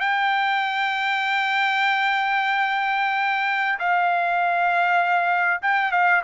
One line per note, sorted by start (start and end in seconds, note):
0.00 3.79 G5
3.79 5.61 F5
5.62 5.92 G5
5.92 6.22 F5